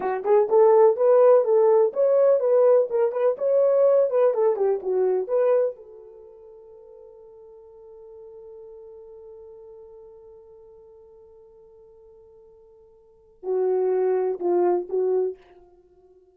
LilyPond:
\new Staff \with { instrumentName = "horn" } { \time 4/4 \tempo 4 = 125 fis'8 gis'8 a'4 b'4 a'4 | cis''4 b'4 ais'8 b'8 cis''4~ | cis''8 b'8 a'8 g'8 fis'4 b'4 | a'1~ |
a'1~ | a'1~ | a'1 | fis'2 f'4 fis'4 | }